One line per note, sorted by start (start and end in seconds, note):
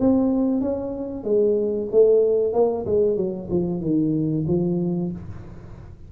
0.00 0.61 C4
0.61 1.24 C#4
1.24 1.88 G#3
1.91 2.53 A3
2.53 2.85 A#3
2.86 3.17 G#3
3.17 3.49 F#3
3.50 3.81 F3
3.81 4.45 D#3
4.48 5.12 F3